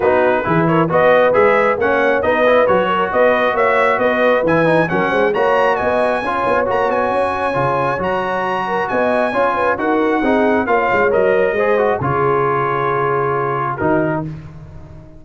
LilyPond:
<<
  \new Staff \with { instrumentName = "trumpet" } { \time 4/4 \tempo 4 = 135 b'4. cis''8 dis''4 e''4 | fis''4 dis''4 cis''4 dis''4 | e''4 dis''4 gis''4 fis''4 | ais''4 gis''2 ais''8 gis''8~ |
gis''2 ais''2 | gis''2 fis''2 | f''4 dis''2 cis''4~ | cis''2. ais'4 | }
  \new Staff \with { instrumentName = "horn" } { \time 4/4 fis'4 gis'8 ais'8 b'2 | cis''4 b'4. ais'8 b'4 | cis''4 b'2 ais'8 c''8 | cis''4 dis''4 cis''2~ |
cis''2.~ cis''8 ais'8 | dis''4 cis''8 b'8 ais'4 gis'4 | cis''2 c''4 gis'4~ | gis'2. fis'4 | }
  \new Staff \with { instrumentName = "trombone" } { \time 4/4 dis'4 e'4 fis'4 gis'4 | cis'4 dis'8 e'8 fis'2~ | fis'2 e'8 dis'8 cis'4 | fis'2 f'4 fis'4~ |
fis'4 f'4 fis'2~ | fis'4 f'4 fis'4 dis'4 | f'4 ais'4 gis'8 fis'8 f'4~ | f'2. dis'4 | }
  \new Staff \with { instrumentName = "tuba" } { \time 4/4 b4 e4 b4 gis4 | ais4 b4 fis4 b4 | ais4 b4 e4 fis8 gis8 | ais4 b4 cis'8 b8 ais8 b8 |
cis'4 cis4 fis2 | b4 cis'4 dis'4 c'4 | ais8 gis8 fis4 gis4 cis4~ | cis2. dis4 | }
>>